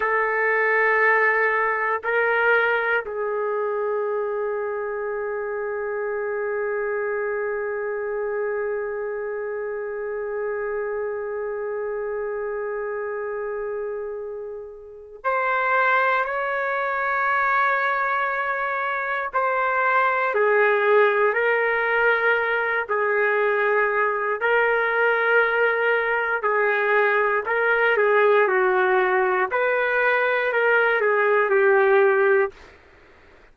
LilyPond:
\new Staff \with { instrumentName = "trumpet" } { \time 4/4 \tempo 4 = 59 a'2 ais'4 gis'4~ | gis'1~ | gis'1~ | gis'2. c''4 |
cis''2. c''4 | gis'4 ais'4. gis'4. | ais'2 gis'4 ais'8 gis'8 | fis'4 b'4 ais'8 gis'8 g'4 | }